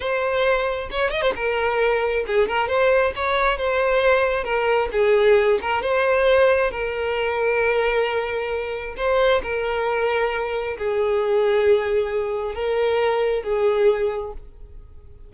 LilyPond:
\new Staff \with { instrumentName = "violin" } { \time 4/4 \tempo 4 = 134 c''2 cis''8 dis''16 c''16 ais'4~ | ais'4 gis'8 ais'8 c''4 cis''4 | c''2 ais'4 gis'4~ | gis'8 ais'8 c''2 ais'4~ |
ais'1 | c''4 ais'2. | gis'1 | ais'2 gis'2 | }